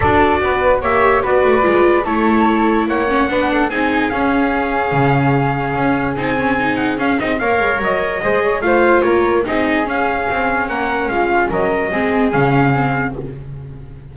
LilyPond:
<<
  \new Staff \with { instrumentName = "trumpet" } { \time 4/4 \tempo 4 = 146 d''2 e''4 d''4~ | d''4 cis''2 fis''4~ | fis''4 gis''4 f''2~ | f''2. gis''4~ |
gis''8 fis''8 f''8 dis''8 f''4 dis''4~ | dis''4 f''4 cis''4 dis''4 | f''2 fis''4 f''4 | dis''2 f''2 | }
  \new Staff \with { instrumentName = "flute" } { \time 4/4 a'4 b'4 cis''4 b'4~ | b'4 a'2 cis''4 | b'8 a'8 gis'2.~ | gis'1~ |
gis'2 cis''2 | c''8 cis''8 c''4 ais'4 gis'4~ | gis'2 ais'4 f'4 | ais'4 gis'2. | }
  \new Staff \with { instrumentName = "viola" } { \time 4/4 fis'2 g'4 fis'4 | f'4 e'2~ e'8 cis'8 | d'4 dis'4 cis'2~ | cis'2. dis'8 cis'8 |
dis'4 cis'8 dis'8 ais'2 | gis'4 f'2 dis'4 | cis'1~ | cis'4 c'4 cis'4 c'4 | }
  \new Staff \with { instrumentName = "double bass" } { \time 4/4 d'4 b4 ais4 b8 a8 | gis4 a2 ais4 | b4 c'4 cis'2 | cis2 cis'4 c'4~ |
c'4 cis'8 c'8 ais8 gis8 fis4 | gis4 a4 ais4 c'4 | cis'4 c'4 ais4 gis4 | fis4 gis4 cis2 | }
>>